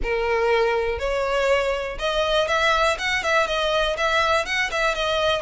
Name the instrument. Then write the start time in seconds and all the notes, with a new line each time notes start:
violin
0.02 A#4
0.98 C#5
1.98 D#5
2.47 E5
2.98 F#5
3.23 E5
3.47 D#5
3.97 E5
4.45 F#5
4.71 E5
4.95 D#5